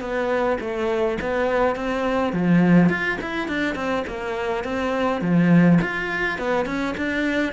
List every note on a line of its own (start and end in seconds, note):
0.00 0.58 B3
0.60 1.18 A3
1.21 1.75 B3
1.75 2.33 C4
2.33 2.89 F3
2.89 3.18 F4
3.21 3.47 E4
3.47 3.75 D4
3.75 4.04 C4
4.07 4.63 A#3
4.63 5.21 C4
5.21 5.78 F3
5.81 6.38 F4
6.38 6.65 B3
6.65 6.94 C#4
6.97 7.53 D4